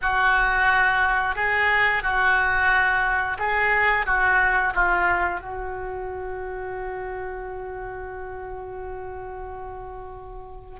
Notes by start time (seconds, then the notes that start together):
0.01 F#4
1.35 G#4
2.02 F#4
3.39 G#4
4.06 F#4
4.74 F4
5.41 F#4